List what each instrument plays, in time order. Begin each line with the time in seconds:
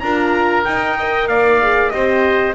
0.00 double bass D4, horn F4, oboe A#4, trumpet A#5
0.65 horn D#4, double bass D#4, trumpet G5
0.98 horn A#4, oboe D#5
1.28 double bass A#3, oboe D5, trumpet F5
1.62 horn G#4
1.90 double bass C4, horn G4, oboe C5, trumpet D#5